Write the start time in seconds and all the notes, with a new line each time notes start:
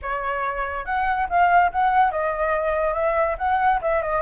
0.01 C#5
0.85 F#5
1.29 F5
1.71 F#5
2.11 D#5
2.94 E5
3.38 F#5
3.81 E5
4.02 D#5